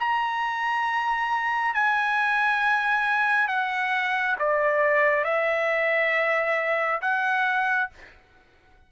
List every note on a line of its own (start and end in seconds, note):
0.00 1.74 A#5
1.74 3.48 G#5
3.48 4.36 F#5
4.39 5.24 D5
5.24 7.01 E5
7.01 7.90 F#5